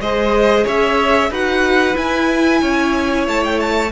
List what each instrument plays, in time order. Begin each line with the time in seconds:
0.00 cello G#3, viola G#4, violin C5 D#5
0.64 cello C#4, violin C#5 E5
1.29 cello D#4, viola F#4, violin B4 F#5
1.94 viola E4, cello E4, violin G#5
2.61 cello C#4, violin C#5
3.27 cello A3, violin A5
3.44 violin G5
3.59 violin A5